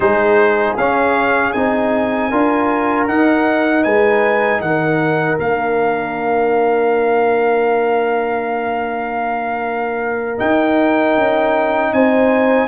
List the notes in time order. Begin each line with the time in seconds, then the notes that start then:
0.00 G#3 D#4 G#4 C5
0.76 C#4 F5
1.52 C4 D#4 G#5
2.29 D4 F4 A#4
3.07 D#4 F#5
3.83 G#3 B4 G#5
4.60 D#3 A#4 F#5
5.39 A#3 D4 F5
10.37 D#4 G5
11.16 C#4
11.92 C4 C5 G#5